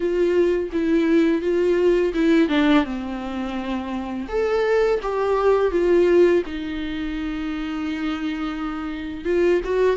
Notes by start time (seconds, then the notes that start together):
0.00 F4
0.72 E4
1.41 F4
2.14 E4
2.48 D4
2.84 C4
4.28 A4
5.02 G4
5.71 F4
6.45 D#4
9.25 F4
9.64 F#4